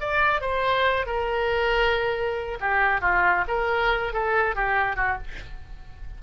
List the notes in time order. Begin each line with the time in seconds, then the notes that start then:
0.00 D5
0.41 C5
1.06 A#4
2.60 G4
3.01 F4
3.47 A#4
4.13 A4
4.55 G4
4.96 F#4